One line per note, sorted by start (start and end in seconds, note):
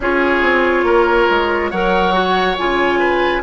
0.00 0.42 C#4
0.00 1.73 F4
0.00 0.85 G#4
0.00 1.70 C#5
0.42 0.83 C4
0.83 1.26 A#3
0.83 1.70 A#4
1.29 1.72 G#3
1.70 2.57 F#3
1.70 2.13 A#4
1.70 2.99 C#5
1.70 2.56 F#5
2.13 2.56 F#4
2.57 3.42 C#3
2.57 3.42 F4
2.57 3.42 G#5
2.99 3.42 B4